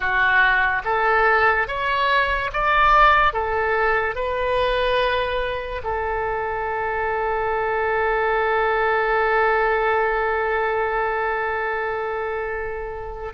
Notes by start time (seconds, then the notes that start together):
0.00 F#4
0.84 A4
1.67 C#5
2.52 D5
3.33 A4
4.15 B4
5.83 A4